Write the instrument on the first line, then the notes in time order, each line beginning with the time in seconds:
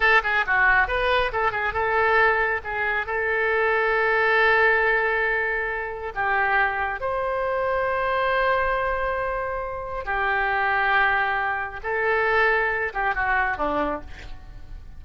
oboe
0.00 A4
0.23 G#4
0.46 F#4
0.87 B4
1.32 A4
1.51 G#4
1.73 A4
2.63 G#4
3.06 A4
6.15 G4
7.00 C5
10.05 G4
11.83 A4
12.93 G4
13.14 F#4
13.57 D4